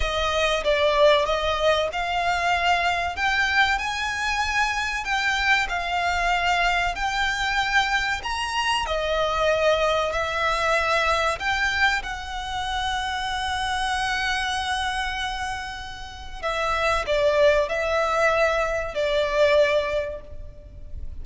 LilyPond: \new Staff \with { instrumentName = "violin" } { \time 4/4 \tempo 4 = 95 dis''4 d''4 dis''4 f''4~ | f''4 g''4 gis''2 | g''4 f''2 g''4~ | g''4 ais''4 dis''2 |
e''2 g''4 fis''4~ | fis''1~ | fis''2 e''4 d''4 | e''2 d''2 | }